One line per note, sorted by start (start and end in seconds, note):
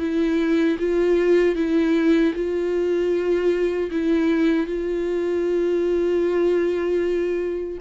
0.00 0.78 E4
0.80 1.56 F4
1.56 2.34 E4
2.35 3.91 F4
3.91 4.67 E4
4.67 7.79 F4